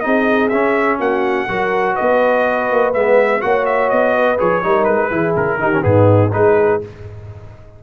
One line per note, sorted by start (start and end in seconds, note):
0.00 0.51 C4
0.00 0.51 D#4
0.00 0.98 G#4
0.00 0.48 D#5
0.49 0.99 C#4
0.49 1.48 C#4
0.49 0.97 E5
0.98 1.48 A#3
0.98 1.47 F#4
0.98 1.95 F#5
1.48 1.97 F#3
1.48 2.94 F#4
1.48 1.94 A#4
1.94 3.39 B4
1.94 2.92 D#5
2.01 2.72 B3
2.72 2.94 A#3
2.94 3.43 G#3
2.94 3.41 B3
2.94 3.41 E5
3.41 3.92 A#3
3.41 4.37 F#4
3.41 4.16 C#5
3.41 3.65 F#5
3.66 3.90 E5
3.90 4.40 B3
3.90 4.38 D#5
4.16 4.64 B4
4.38 4.64 F3
4.38 4.62 G#4
4.38 4.84 C#5
4.63 4.88 G3
4.63 5.11 D#4
4.63 5.09 A#4
4.84 5.11 G#3
4.84 5.32 B4
5.09 5.35 E3
5.09 5.59 E4
5.09 5.58 G#4
5.36 5.58 C#3
5.36 5.83 A#4
5.58 5.83 D#3
5.58 5.71 D#4
5.58 5.85 G4
5.73 5.81 C#4
5.81 6.32 G#2
5.81 6.29 B3
5.81 6.34 D#4
5.81 6.31 G#4
6.32 6.82 G#3
6.32 6.81 D#4
6.32 6.83 G#4
6.32 6.81 B4